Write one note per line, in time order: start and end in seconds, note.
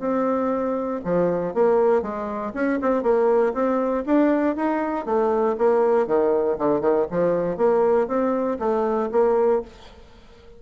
0.00 1.01 C4
1.05 1.54 F3
1.54 2.03 A#3
2.03 2.53 G#3
2.54 2.80 C#4
2.82 3.03 C4
3.03 3.54 A#3
3.54 4.04 C4
4.07 4.57 D4
4.57 5.06 D#4
5.06 5.56 A3
5.58 6.07 A#3
6.07 6.58 D#3
6.59 6.81 D3
6.81 7.07 D#3
7.11 7.58 F3
7.58 8.08 A#3
8.08 8.58 C4
8.59 9.10 A3
9.12 9.62 A#3